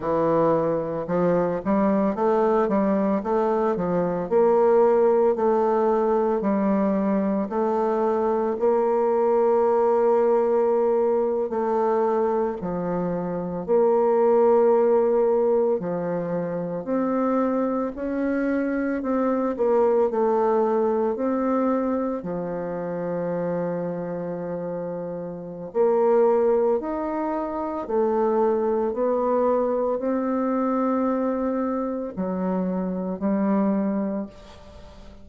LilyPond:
\new Staff \with { instrumentName = "bassoon" } { \time 4/4 \tempo 4 = 56 e4 f8 g8 a8 g8 a8 f8 | ais4 a4 g4 a4 | ais2~ ais8. a4 f16~ | f8. ais2 f4 c'16~ |
c'8. cis'4 c'8 ais8 a4 c'16~ | c'8. f2.~ f16 | ais4 dis'4 a4 b4 | c'2 fis4 g4 | }